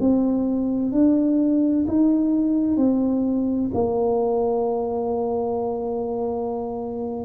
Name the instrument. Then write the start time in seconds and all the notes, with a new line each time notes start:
tuba
0.00 C4
0.92 D4
1.87 D#4
2.77 C4
3.74 A#3